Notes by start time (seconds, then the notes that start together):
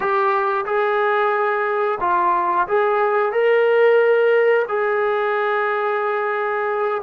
0.00 G4
0.65 G#4
2.00 F4
2.67 G#4
3.32 A#4
4.68 G#4